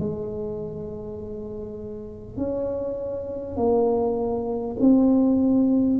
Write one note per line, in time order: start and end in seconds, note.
0.00 2.37 G#3
2.37 3.57 C#4
3.57 4.77 A#3
4.81 6.00 C4